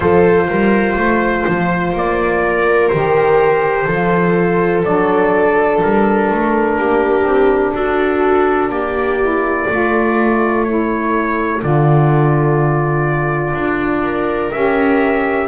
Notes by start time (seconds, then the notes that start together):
0.00 F3 F4 A4 C5
0.48 G3 A#4
0.96 A3 C5
1.47 F3
1.92 A#3 D5
2.43 A#4
2.88 D#3 G4 C5
3.84 F3 F4 A4
4.83 F#3 D4 D5
5.82 G3 A#4
6.30 A3
6.77 A#3 G4
7.23 C4
7.73 D4 F#4 A4
8.69 A#3 G4 D5
9.20 E4
9.67 A3 F4 A4
10.64 E4 C#5
11.60 D3 F4 D5
13.53 D4
14.03 A#4
14.51 C#4 G4 E5